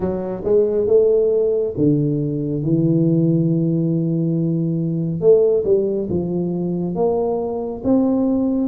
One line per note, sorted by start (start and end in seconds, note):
0.00 0.43 F#3
0.44 0.87 G#3
0.87 1.74 A3
1.77 2.62 D3
2.62 5.20 E3
5.20 5.64 A3
5.64 6.08 G3
6.09 6.95 F3
6.95 7.82 A#3
7.84 8.67 C4